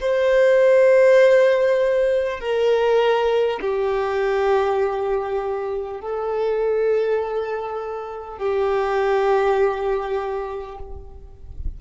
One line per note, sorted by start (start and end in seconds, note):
0.00 2.39 C5
2.39 3.59 A#4
3.60 6.00 G4
6.01 8.38 A4
8.38 10.78 G4